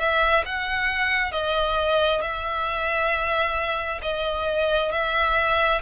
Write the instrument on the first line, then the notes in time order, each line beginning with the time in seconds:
violin
0.00 E5
0.46 F#5
1.32 D#5
2.22 E5
4.03 D#5
4.92 E5